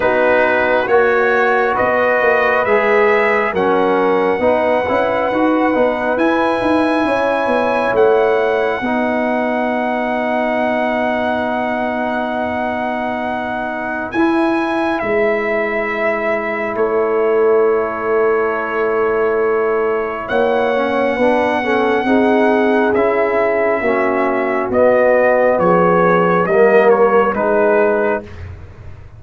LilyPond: <<
  \new Staff \with { instrumentName = "trumpet" } { \time 4/4 \tempo 4 = 68 b'4 cis''4 dis''4 e''4 | fis''2. gis''4~ | gis''4 fis''2.~ | fis''1 |
gis''4 e''2 cis''4~ | cis''2. fis''4~ | fis''2 e''2 | dis''4 cis''4 dis''8 cis''8 b'4 | }
  \new Staff \with { instrumentName = "horn" } { \time 4/4 fis'2 b'2 | ais'4 b'2. | cis''2 b'2~ | b'1~ |
b'2. a'4~ | a'2. cis''4 | b'8 a'8 gis'2 fis'4~ | fis'4 gis'4 ais'4 gis'4 | }
  \new Staff \with { instrumentName = "trombone" } { \time 4/4 dis'4 fis'2 gis'4 | cis'4 dis'8 e'8 fis'8 dis'8 e'4~ | e'2 dis'2~ | dis'1 |
e'1~ | e'2.~ e'8 cis'8 | d'8 cis'8 dis'4 e'4 cis'4 | b2 ais4 dis'4 | }
  \new Staff \with { instrumentName = "tuba" } { \time 4/4 b4 ais4 b8 ais8 gis4 | fis4 b8 cis'8 dis'8 b8 e'8 dis'8 | cis'8 b8 a4 b2~ | b1 |
e'4 gis2 a4~ | a2. ais4 | b4 c'4 cis'4 ais4 | b4 f4 g4 gis4 | }
>>